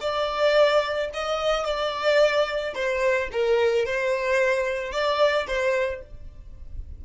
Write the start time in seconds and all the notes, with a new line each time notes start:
0.00 D5
1.13 D#5
1.64 D5
2.74 C5
3.31 A#4
3.85 C5
4.92 D5
5.47 C5